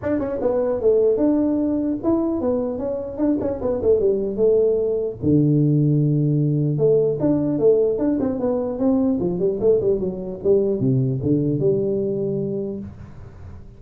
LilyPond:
\new Staff \with { instrumentName = "tuba" } { \time 4/4 \tempo 4 = 150 d'8 cis'8 b4 a4 d'4~ | d'4 e'4 b4 cis'4 | d'8 cis'8 b8 a8 g4 a4~ | a4 d2.~ |
d4 a4 d'4 a4 | d'8 c'8 b4 c'4 f8 g8 | a8 g8 fis4 g4 c4 | d4 g2. | }